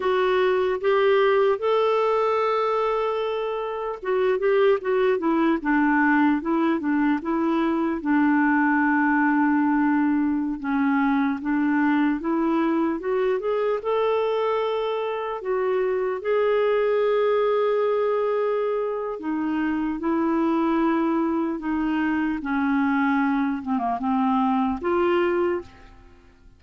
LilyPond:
\new Staff \with { instrumentName = "clarinet" } { \time 4/4 \tempo 4 = 75 fis'4 g'4 a'2~ | a'4 fis'8 g'8 fis'8 e'8 d'4 | e'8 d'8 e'4 d'2~ | d'4~ d'16 cis'4 d'4 e'8.~ |
e'16 fis'8 gis'8 a'2 fis'8.~ | fis'16 gis'2.~ gis'8. | dis'4 e'2 dis'4 | cis'4. c'16 ais16 c'4 f'4 | }